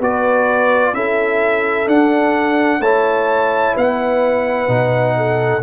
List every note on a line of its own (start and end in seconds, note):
0.00 0.93 B3
0.00 0.94 F#4
0.00 0.94 B4
0.00 0.94 D5
0.93 1.86 C#4
0.93 1.86 E4
0.93 2.80 A4
0.93 1.88 E5
1.86 2.79 D4
1.86 2.80 D4
1.86 2.82 F#5
2.79 3.73 A3
2.79 4.68 E4
2.79 3.74 C#5
2.79 3.75 A5
3.74 4.68 B3
3.74 5.15 B4
3.74 5.62 F#5
4.68 5.62 B2
4.68 5.62 D#4
5.17 5.62 A4